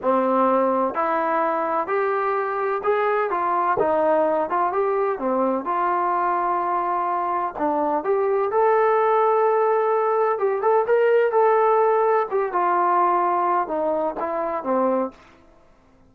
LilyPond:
\new Staff \with { instrumentName = "trombone" } { \time 4/4 \tempo 4 = 127 c'2 e'2 | g'2 gis'4 f'4 | dis'4. f'8 g'4 c'4 | f'1 |
d'4 g'4 a'2~ | a'2 g'8 a'8 ais'4 | a'2 g'8 f'4.~ | f'4 dis'4 e'4 c'4 | }